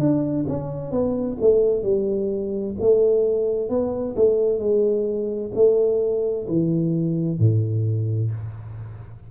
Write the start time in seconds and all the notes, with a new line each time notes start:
0.00 D4
0.49 C#4
0.91 B3
1.41 A3
1.83 G3
2.80 A3
3.70 B3
4.16 A3
4.59 G#3
5.55 A3
6.48 E3
7.39 A2